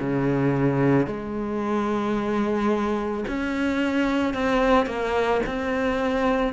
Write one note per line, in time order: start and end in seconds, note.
0.00 1.07 C#3
1.07 3.25 G#3
3.28 4.34 C#4
4.34 4.86 C4
4.86 5.41 A#3
5.46 6.53 C4